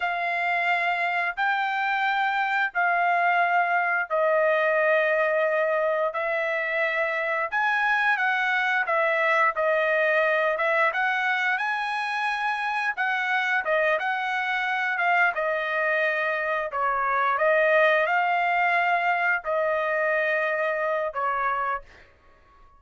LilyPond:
\new Staff \with { instrumentName = "trumpet" } { \time 4/4 \tempo 4 = 88 f''2 g''2 | f''2 dis''2~ | dis''4 e''2 gis''4 | fis''4 e''4 dis''4. e''8 |
fis''4 gis''2 fis''4 | dis''8 fis''4. f''8 dis''4.~ | dis''8 cis''4 dis''4 f''4.~ | f''8 dis''2~ dis''8 cis''4 | }